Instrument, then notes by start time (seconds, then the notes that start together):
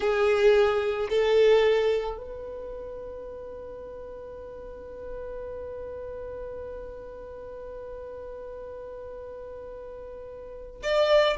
violin
0.00 G#4
1.09 A4
2.17 B4
10.83 D5